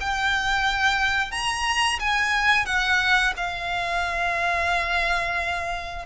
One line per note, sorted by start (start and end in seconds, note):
0.00 1.31 G5
1.31 1.99 A#5
1.99 2.66 G#5
2.66 3.33 F#5
3.36 6.05 F5